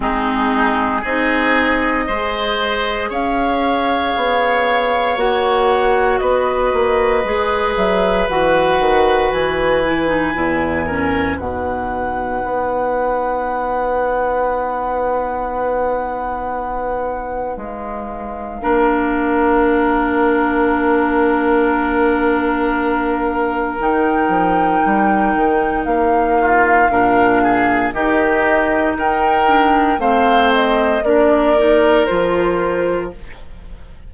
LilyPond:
<<
  \new Staff \with { instrumentName = "flute" } { \time 4/4 \tempo 4 = 58 gis'4 dis''2 f''4~ | f''4 fis''4 dis''4. e''8 | fis''4 gis''2 fis''4~ | fis''1~ |
fis''4 f''2.~ | f''2. g''4~ | g''4 f''2 dis''4 | g''4 f''8 dis''8 d''4 c''4 | }
  \new Staff \with { instrumentName = "oboe" } { \time 4/4 dis'4 gis'4 c''4 cis''4~ | cis''2 b'2~ | b'2~ b'8 ais'8 b'4~ | b'1~ |
b'2 ais'2~ | ais'1~ | ais'4. f'8 ais'8 gis'8 g'4 | ais'4 c''4 ais'2 | }
  \new Staff \with { instrumentName = "clarinet" } { \time 4/4 c'4 dis'4 gis'2~ | gis'4 fis'2 gis'4 | fis'4. e'16 dis'16 e'8 cis'8 dis'4~ | dis'1~ |
dis'2 d'2~ | d'2. dis'4~ | dis'2 d'4 dis'4~ | dis'8 d'8 c'4 d'8 dis'8 f'4 | }
  \new Staff \with { instrumentName = "bassoon" } { \time 4/4 gis4 c'4 gis4 cis'4 | b4 ais4 b8 ais8 gis8 fis8 | e8 dis8 e4 e,4 b,4 | b1~ |
b4 gis4 ais2~ | ais2. dis8 f8 | g8 dis8 ais4 ais,4 dis4 | dis'4 a4 ais4 f4 | }
>>